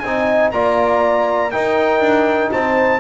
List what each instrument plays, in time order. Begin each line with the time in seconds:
0.00 double bass C4, trombone D#4, horn D#5, trumpet G#5
0.51 double bass A#3, trombone F4, horn D5, trumpet A#5
1.52 trombone D#4, double bass D#4, horn A#4, trumpet G5
2.00 double bass D4
2.52 double bass C4, horn C5, trumpet A5